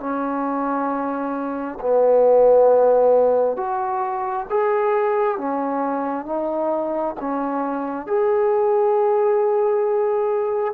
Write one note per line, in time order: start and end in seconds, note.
0.00 1.79 C#4
1.80 3.57 B3
3.57 4.47 F#4
4.50 5.38 G#4
5.38 6.26 C#4
6.26 7.15 D#4
7.20 8.07 C#4
8.07 10.74 G#4